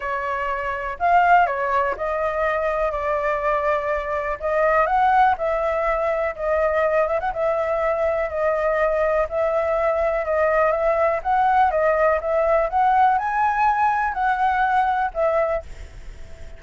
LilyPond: \new Staff \with { instrumentName = "flute" } { \time 4/4 \tempo 4 = 123 cis''2 f''4 cis''4 | dis''2 d''2~ | d''4 dis''4 fis''4 e''4~ | e''4 dis''4. e''16 fis''16 e''4~ |
e''4 dis''2 e''4~ | e''4 dis''4 e''4 fis''4 | dis''4 e''4 fis''4 gis''4~ | gis''4 fis''2 e''4 | }